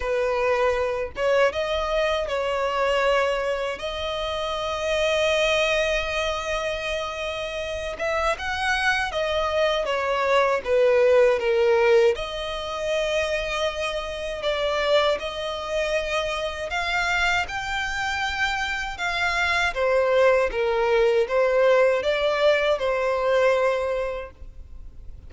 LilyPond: \new Staff \with { instrumentName = "violin" } { \time 4/4 \tempo 4 = 79 b'4. cis''8 dis''4 cis''4~ | cis''4 dis''2.~ | dis''2~ dis''8 e''8 fis''4 | dis''4 cis''4 b'4 ais'4 |
dis''2. d''4 | dis''2 f''4 g''4~ | g''4 f''4 c''4 ais'4 | c''4 d''4 c''2 | }